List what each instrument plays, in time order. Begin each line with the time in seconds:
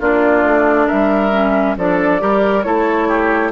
0.00 bassoon A#3, clarinet D4, oboe F4, flute D5
0.44 bassoon A3
0.87 bassoon G3, oboe A#4, flute E5
1.32 clarinet C#4
1.77 bassoon F3, clarinet D4, oboe A4, flute D5
2.20 bassoon G3, clarinet G4, oboe A#4
2.63 bassoon A3, clarinet E4, oboe A4, flute C#5
3.08 oboe G4